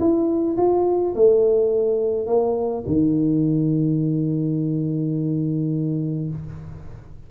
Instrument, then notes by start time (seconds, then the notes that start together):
tuba
0.00 E4
0.57 F4
1.15 A3
2.27 A#3
2.87 D#3